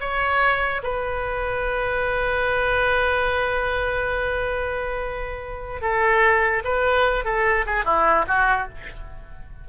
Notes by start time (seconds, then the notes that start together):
0.00 C#5
0.83 B4
5.81 A4
6.64 B4
7.25 A4
7.66 G#4
7.85 E4
8.27 F#4